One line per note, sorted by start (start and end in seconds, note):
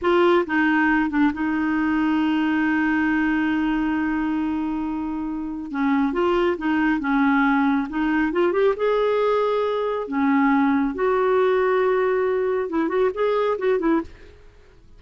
0.01 0.45 F4
0.46 1.09 D#4
1.09 1.31 D4
1.33 5.71 D#4
5.71 6.13 C#4
6.13 6.56 F4
6.57 7.00 D#4
7.00 7.87 C#4
7.89 8.32 D#4
8.32 8.52 F4
8.52 8.74 G4
8.76 10.07 G#4
10.07 10.94 C#4
10.94 12.69 F#4
12.69 12.88 E4
12.88 13.10 F#4
13.13 13.57 G#4
13.58 13.79 F#4
13.79 14.01 E4